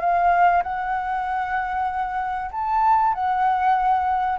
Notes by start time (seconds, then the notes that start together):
0.00 F5
0.63 F#5
2.51 A5
3.14 F#5